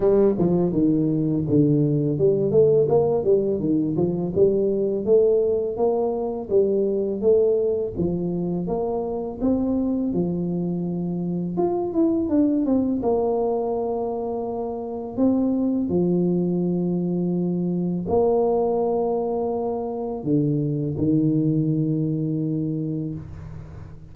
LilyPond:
\new Staff \with { instrumentName = "tuba" } { \time 4/4 \tempo 4 = 83 g8 f8 dis4 d4 g8 a8 | ais8 g8 dis8 f8 g4 a4 | ais4 g4 a4 f4 | ais4 c'4 f2 |
f'8 e'8 d'8 c'8 ais2~ | ais4 c'4 f2~ | f4 ais2. | d4 dis2. | }